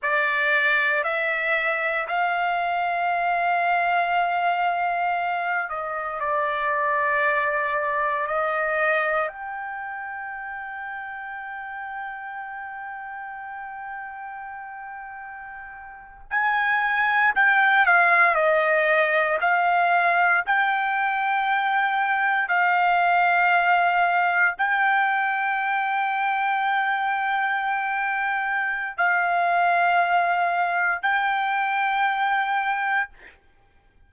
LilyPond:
\new Staff \with { instrumentName = "trumpet" } { \time 4/4 \tempo 4 = 58 d''4 e''4 f''2~ | f''4. dis''8 d''2 | dis''4 g''2.~ | g''2.~ g''8. gis''16~ |
gis''8. g''8 f''8 dis''4 f''4 g''16~ | g''4.~ g''16 f''2 g''16~ | g''1 | f''2 g''2 | }